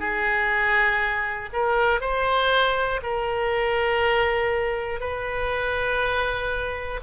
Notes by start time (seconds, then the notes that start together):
0.00 G#4
1.53 A#4
2.01 C5
3.03 A#4
5.01 B4